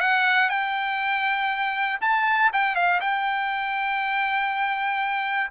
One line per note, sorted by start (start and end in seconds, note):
0.00 0.50 F#5
0.50 2.00 G5
2.01 2.51 A5
2.53 2.75 G5
2.75 3.00 F5
3.00 5.50 G5